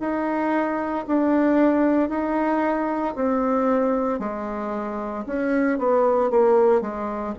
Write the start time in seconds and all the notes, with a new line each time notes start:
0.00 D#4
1.07 D4
2.10 D#4
3.15 C4
4.20 G#3
5.26 C#4
5.78 B3
6.31 A#3
6.81 G#3